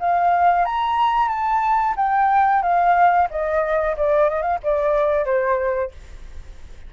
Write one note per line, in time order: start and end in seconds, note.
0.00 0.66 F5
0.66 1.29 A#5
1.29 1.95 A5
1.97 2.63 G5
2.63 3.29 F5
3.31 3.97 D#5
3.97 4.30 D5
4.30 4.43 D#5
4.43 4.59 F5
4.64 5.26 D5
5.26 5.92 C5